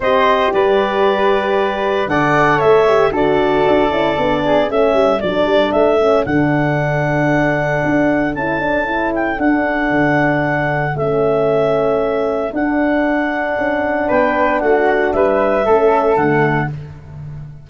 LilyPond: <<
  \new Staff \with { instrumentName = "clarinet" } { \time 4/4 \tempo 4 = 115 dis''4 d''2. | fis''4 e''4 d''2~ | d''4 e''4 d''4 e''4 | fis''1 |
a''4. g''8 fis''2~ | fis''4 e''2. | fis''2. g''4 | fis''4 e''2 fis''4 | }
  \new Staff \with { instrumentName = "flute" } { \time 4/4 c''4 b'2. | d''4 cis''4 a'2~ | a'8 gis'8 a'2.~ | a'1~ |
a'1~ | a'1~ | a'2. b'4 | fis'4 b'4 a'2 | }
  \new Staff \with { instrumentName = "horn" } { \time 4/4 g'1 | a'4. g'8 fis'4. e'8 | d'4 cis'4 d'4. cis'8 | d'1 |
e'8 d'8 e'4 d'2~ | d'4 cis'2. | d'1~ | d'2 cis'4 a4 | }
  \new Staff \with { instrumentName = "tuba" } { \time 4/4 c'4 g2. | d4 a4 d4 d'8 cis'8 | b4 a8 g8 fis8 g8 a4 | d2. d'4 |
cis'2 d'4 d4~ | d4 a2. | d'2 cis'4 b4 | a4 g4 a4 d4 | }
>>